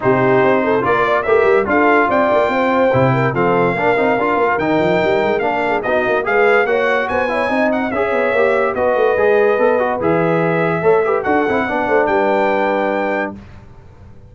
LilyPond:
<<
  \new Staff \with { instrumentName = "trumpet" } { \time 4/4 \tempo 4 = 144 c''2 d''4 e''4 | f''4 g''2. | f''2. g''4~ | g''4 f''4 dis''4 f''4 |
fis''4 gis''4. fis''8 e''4~ | e''4 dis''2. | e''2. fis''4~ | fis''4 g''2. | }
  \new Staff \with { instrumentName = "horn" } { \time 4/4 g'4. a'8 ais'8 d''8 ais'4 | a'4 d''4 c''4. ais'8 | a'4 ais'2.~ | ais'4. gis'8 fis'4 b'4 |
cis''4 c''8 cis''8 dis''4 cis''4~ | cis''4 b'2.~ | b'2 cis''8 b'8 a'4 | d''8 c''8 b'2. | }
  \new Staff \with { instrumentName = "trombone" } { \time 4/4 dis'2 f'4 g'4 | f'2. e'4 | c'4 d'8 dis'8 f'4 dis'4~ | dis'4 d'4 dis'4 gis'4 |
fis'4. e'8 dis'4 gis'4 | g'4 fis'4 gis'4 a'8 fis'8 | gis'2 a'8 g'8 fis'8 e'8 | d'1 | }
  \new Staff \with { instrumentName = "tuba" } { \time 4/4 c4 c'4 ais4 a8 g8 | d'4 c'8 ais8 c'4 c4 | f4 ais8 c'8 d'8 ais8 dis8 f8 | g8 gis8 ais4 b8 ais8 gis4 |
ais4 b4 c'4 cis'8 b8 | ais4 b8 a8 gis4 b4 | e2 a4 d'8 c'8 | b8 a8 g2. | }
>>